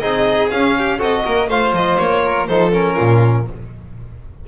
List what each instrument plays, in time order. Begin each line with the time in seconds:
0.00 double bass C4, trombone D#4, violin G#4 D#5
0.51 trombone C#4, double bass C#4, violin F5
0.78 violin G4
0.98 double bass C4, trombone F#4, violin A4 D#5
1.25 double bass A#3, violin A#4
1.48 double bass A3, trombone F4, violin C5 F5
1.72 double bass F3, violin D#5
1.98 double bass A#3, violin C#5
2.25 violin A#4
2.48 double bass F3, trombone D#4, violin A4 C5
2.72 trombone C#4, violin A#4
2.96 double bass A#2, violin F4